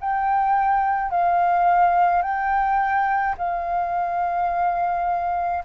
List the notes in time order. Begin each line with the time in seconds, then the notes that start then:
0.00 G5
1.10 F5
2.22 G5
3.38 F5